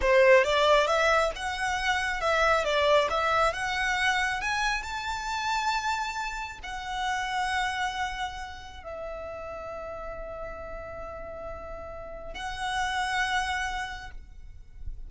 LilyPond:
\new Staff \with { instrumentName = "violin" } { \time 4/4 \tempo 4 = 136 c''4 d''4 e''4 fis''4~ | fis''4 e''4 d''4 e''4 | fis''2 gis''4 a''4~ | a''2. fis''4~ |
fis''1 | e''1~ | e''1 | fis''1 | }